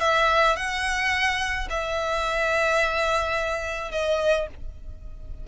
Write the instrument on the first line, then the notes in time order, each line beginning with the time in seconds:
violin
0.00 E5
0.56 F#5
1.70 E5
3.92 D#5